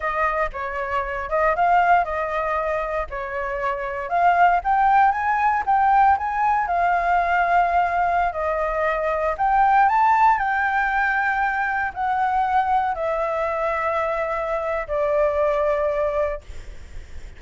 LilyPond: \new Staff \with { instrumentName = "flute" } { \time 4/4 \tempo 4 = 117 dis''4 cis''4. dis''8 f''4 | dis''2 cis''2 | f''4 g''4 gis''4 g''4 | gis''4 f''2.~ |
f''16 dis''2 g''4 a''8.~ | a''16 g''2. fis''8.~ | fis''4~ fis''16 e''2~ e''8.~ | e''4 d''2. | }